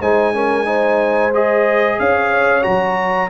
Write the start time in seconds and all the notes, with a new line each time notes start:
0.00 G#3 D#4 C5 G#5
0.34 C#4 A#4
0.65 D#4 C5
1.34 G#4 D#5
1.99 C#4 C#5 F5
2.62 F#3 F#4 A#5